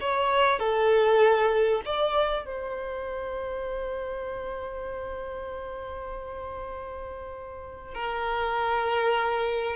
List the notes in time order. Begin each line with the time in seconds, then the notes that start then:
0.00 C#5
0.59 A4
1.85 D5
2.45 C5
7.94 A#4